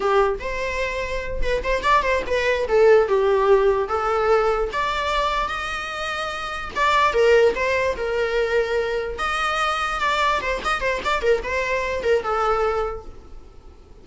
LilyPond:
\new Staff \with { instrumentName = "viola" } { \time 4/4 \tempo 4 = 147 g'4 c''2~ c''8 b'8 | c''8 d''8 c''8 b'4 a'4 g'8~ | g'4. a'2 d''8~ | d''4. dis''2~ dis''8~ |
dis''8 d''4 ais'4 c''4 ais'8~ | ais'2~ ais'8 dis''4.~ | dis''8 d''4 c''8 dis''8 c''8 d''8 ais'8 | c''4. ais'8 a'2 | }